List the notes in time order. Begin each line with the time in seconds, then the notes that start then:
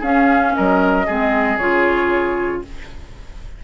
0.00 C#4 G#4 F5
0.55 F#3 A#4 D#5
1.06 G#3 C4 G#4
1.58 C#3 F4 C#5